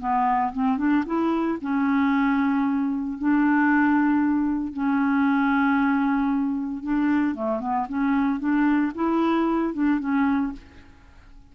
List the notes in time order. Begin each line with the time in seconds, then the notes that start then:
0.00 B3
0.53 C4
0.78 D4
1.06 E4
1.61 C#4
3.19 D4
4.74 C#4
6.83 D4
7.35 A3
7.61 B3
7.89 C#4
8.40 D4
8.95 E4
9.74 D4
10.00 C#4